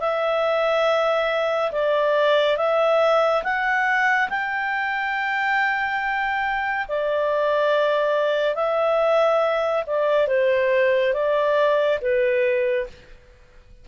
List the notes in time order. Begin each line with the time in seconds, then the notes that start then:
0.00 E5
1.72 D5
2.57 E5
3.43 F#5
4.29 G5
6.88 D5
8.55 E5
9.86 D5
10.27 C5
11.13 D5
12.01 B4